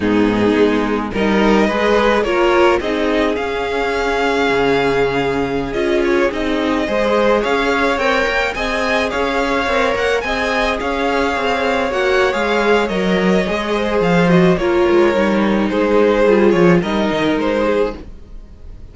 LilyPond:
<<
  \new Staff \with { instrumentName = "violin" } { \time 4/4 \tempo 4 = 107 gis'2 dis''2 | cis''4 dis''4 f''2~ | f''2~ f''16 dis''8 cis''8 dis''8.~ | dis''4~ dis''16 f''4 g''4 gis''8.~ |
gis''16 f''4. fis''8 gis''4 f''8.~ | f''4~ f''16 fis''8. f''4 dis''4~ | dis''4 f''8 dis''8 cis''2 | c''4. cis''8 dis''4 c''4 | }
  \new Staff \with { instrumentName = "violin" } { \time 4/4 dis'2 ais'4 b'4 | ais'4 gis'2.~ | gis'1~ | gis'16 c''4 cis''2 dis''8.~ |
dis''16 cis''2 dis''4 cis''8.~ | cis''1~ | cis''8 c''4. ais'2 | gis'2 ais'4. gis'8 | }
  \new Staff \with { instrumentName = "viola" } { \time 4/4 b2 dis'4 gis'4 | f'4 dis'4 cis'2~ | cis'2~ cis'16 f'4 dis'8.~ | dis'16 gis'2 ais'4 gis'8.~ |
gis'4~ gis'16 ais'4 gis'4.~ gis'16~ | gis'4~ gis'16 fis'8. gis'4 ais'4 | gis'4. fis'8 f'4 dis'4~ | dis'4 f'4 dis'2 | }
  \new Staff \with { instrumentName = "cello" } { \time 4/4 gis,4 gis4 g4 gis4 | ais4 c'4 cis'2 | cis2~ cis16 cis'4 c'8.~ | c'16 gis4 cis'4 c'8 ais8 c'8.~ |
c'16 cis'4 c'8 ais8 c'4 cis'8.~ | cis'16 c'4 ais8. gis4 fis4 | gis4 f4 ais8 gis8 g4 | gis4 g8 f8 g8 dis8 gis4 | }
>>